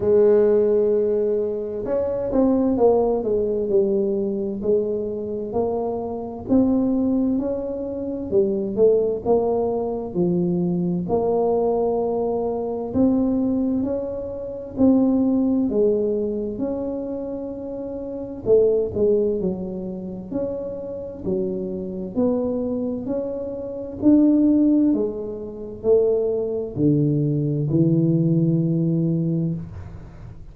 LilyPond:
\new Staff \with { instrumentName = "tuba" } { \time 4/4 \tempo 4 = 65 gis2 cis'8 c'8 ais8 gis8 | g4 gis4 ais4 c'4 | cis'4 g8 a8 ais4 f4 | ais2 c'4 cis'4 |
c'4 gis4 cis'2 | a8 gis8 fis4 cis'4 fis4 | b4 cis'4 d'4 gis4 | a4 d4 e2 | }